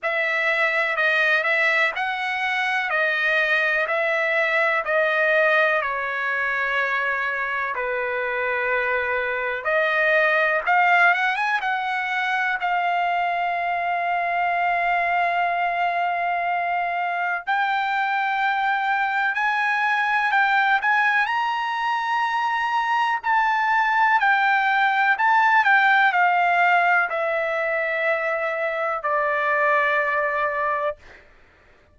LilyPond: \new Staff \with { instrumentName = "trumpet" } { \time 4/4 \tempo 4 = 62 e''4 dis''8 e''8 fis''4 dis''4 | e''4 dis''4 cis''2 | b'2 dis''4 f''8 fis''16 gis''16 | fis''4 f''2.~ |
f''2 g''2 | gis''4 g''8 gis''8 ais''2 | a''4 g''4 a''8 g''8 f''4 | e''2 d''2 | }